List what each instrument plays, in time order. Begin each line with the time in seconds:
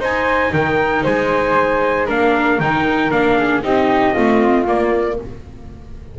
0.00 double bass D#4, viola D#4, flute C5, trumpet G#5
0.53 double bass D#3, flute A#4, trumpet G5
1.04 double bass G#3, flute C5, trumpet G#5
2.06 double bass A#3, viola D4, flute A#4, trumpet F5
2.60 double bass D#3, viola D#4, trumpet G5
3.11 double bass A#3, viola D4, trumpet F5
3.37 flute G#4
3.63 double bass C4, viola D#4, flute G4, trumpet D#5
4.14 double bass A3, viola C4, flute F4
4.67 viola A#3, double bass A#3, trumpet D5